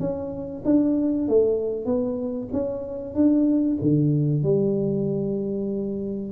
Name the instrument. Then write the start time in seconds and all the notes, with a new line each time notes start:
tuba
0.00 C#4
0.65 D4
1.28 A3
1.86 B3
2.53 C#4
3.15 D4
3.82 D3
4.43 G3